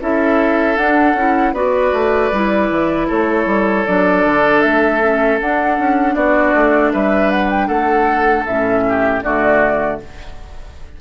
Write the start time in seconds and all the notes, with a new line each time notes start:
0.00 C#4 E4 A4 E5
0.77 D4 F#5
1.13 C#4 E4
1.53 B3 F#4 B4 D5
1.92 A3
2.32 G3 E4
2.70 E3
3.07 A3 A4 C#5
3.46 G3
3.86 F#3 D4 D5
4.25 D3
4.61 A3 E5
5.01 C#4
5.40 D4 F#5
5.78 C#4
6.15 B3 F#4 D5
6.54 A3
6.92 G3 B4 E5
7.30 F#5
7.50 G5
7.67 A3 A4 F#5
8.45 A2 C#4 E5
8.88 G4
9.23 D3 A3 F#4 D5